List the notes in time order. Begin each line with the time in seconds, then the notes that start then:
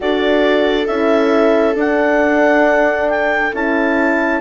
0.00 D4 F#4 A4 D5
0.86 C#4 E4 E5
1.75 D4 F#5
3.09 G5
3.53 C#4 E4 A5